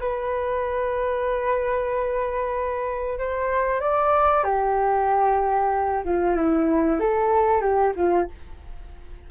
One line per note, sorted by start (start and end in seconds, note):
0.00 3.19 B4
3.19 3.81 C5
3.81 4.44 D5
4.44 6.03 G4
6.05 6.36 F4
6.36 7.00 E4
7.00 7.61 A4
7.61 7.93 G4
7.96 8.28 F4